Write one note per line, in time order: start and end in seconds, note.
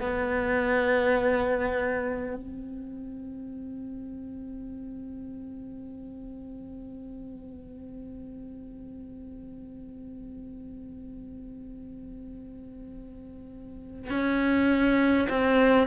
0.00 2.35 B3
2.36 14.10 C4
14.10 15.28 C#4
15.29 15.87 C4